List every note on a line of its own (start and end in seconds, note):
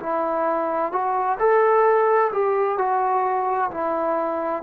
0.00 0.92 E4
0.92 1.38 F#4
1.39 2.32 A4
2.33 2.78 G4
2.78 3.70 F#4
3.71 4.63 E4